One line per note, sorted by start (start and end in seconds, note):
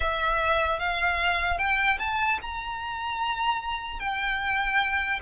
0.00 0.79 E5
0.79 1.58 F5
1.58 1.98 G5
1.99 2.39 A5
2.41 3.99 A#5
3.99 5.19 G5